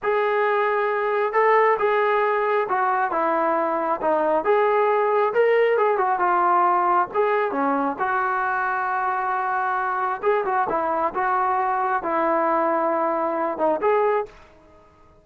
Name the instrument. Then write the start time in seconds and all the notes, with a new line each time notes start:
trombone
0.02 G#4
1.32 A4
1.78 G#4
2.68 F#4
3.11 E4
4.01 D#4
4.44 G#4
5.33 A#4
5.77 G#4
5.97 F#4
6.19 F4
7.14 G#4
7.51 C#4
7.99 F#4
10.22 G#4
10.45 F#4
10.69 E4
11.14 F#4
12.02 E4
13.58 D#4
13.81 G#4